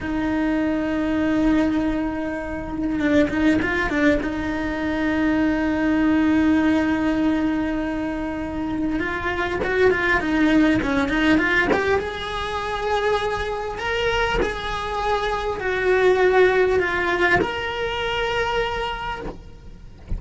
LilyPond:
\new Staff \with { instrumentName = "cello" } { \time 4/4 \tempo 4 = 100 dis'1~ | dis'4 d'8 dis'8 f'8 d'8 dis'4~ | dis'1~ | dis'2. f'4 |
fis'8 f'8 dis'4 cis'8 dis'8 f'8 g'8 | gis'2. ais'4 | gis'2 fis'2 | f'4 ais'2. | }